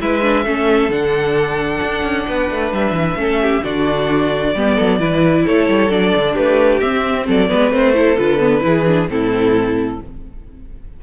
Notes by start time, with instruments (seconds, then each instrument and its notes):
0.00 cello G#3, viola E4, violin B4 E5
0.22 viola D4
0.44 cello A3, viola C#4, violin A4
0.89 cello D3, viola D4, violin F#5
1.83 cello D4
2.03 cello C#4
2.28 cello B3, violin B4
2.51 cello A3
2.73 cello G3, violin E5
2.92 cello E3
3.16 cello A3, viola C#4, violin A4
3.43 violin G4
3.64 cello D3, viola D4, violin F#4 D5
4.55 cello G3, viola B3, violin G4
4.76 cello F#3, violin A4
4.99 cello E3, viola E4, violin B4
5.46 cello A3, violin A4 C#5
5.69 cello G3
5.90 cello F#3, viola D4, violin D5
6.16 cello D3
6.34 cello A3, violin G4 B4
6.80 cello C4, viola C4, violin E5
7.27 cello F#3, violin A4 D5
7.50 cello G#3, viola B3, violin B4
7.71 cello A3, viola C4, violin C5
7.94 viola E4, violin A4
8.17 cello D3, viola F4, violin B4
8.39 viola B3
8.61 cello E3, viola E4, violin G#4
8.87 viola D4
9.09 cello A2, viola C4, violin E4 A4